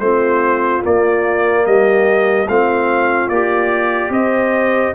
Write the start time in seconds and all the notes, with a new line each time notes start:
0.00 A3 C4 F4 C5
0.83 A#3 D5
1.66 G3 G4 D#5
2.48 A3 C4 F4 F5
3.29 A#3 G4 D5
4.10 C4 C5 D#5